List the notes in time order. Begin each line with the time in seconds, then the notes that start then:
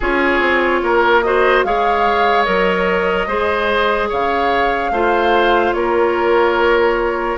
0.00 C#4 F4 G#4 C#5
0.40 C4
0.82 A#3 A#4
1.22 F#4 C5 D#5
1.64 G#3 G#4 C#5 F5
2.44 F#3 A#4 D#5
3.27 G#3 G#4 C5
4.09 C#3 C#5 F5
4.90 A3 F4 C5
5.73 A#3 A#4 C#5